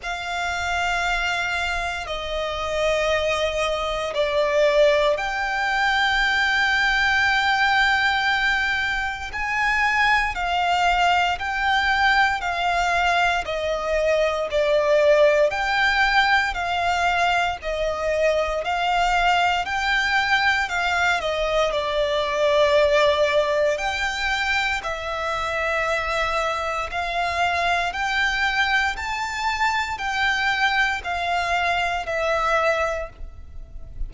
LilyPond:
\new Staff \with { instrumentName = "violin" } { \time 4/4 \tempo 4 = 58 f''2 dis''2 | d''4 g''2.~ | g''4 gis''4 f''4 g''4 | f''4 dis''4 d''4 g''4 |
f''4 dis''4 f''4 g''4 | f''8 dis''8 d''2 g''4 | e''2 f''4 g''4 | a''4 g''4 f''4 e''4 | }